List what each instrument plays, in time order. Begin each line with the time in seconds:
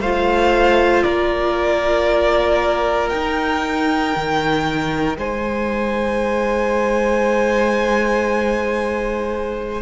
0.00 cello A3, viola F4, violin C5 F5
1.03 cello A#3, violin A#4 D5
3.09 cello D#4, viola D#4, violin G5
4.16 cello D#3
5.17 cello G#3, violin C5 G#5